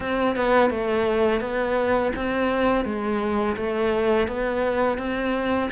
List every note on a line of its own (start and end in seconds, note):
0.00 0.36 C4
0.36 0.70 B3
0.70 1.40 A3
1.40 2.12 B3
2.15 2.84 C4
2.84 3.56 G#3
3.56 4.27 A3
4.27 4.98 B3
4.98 5.69 C4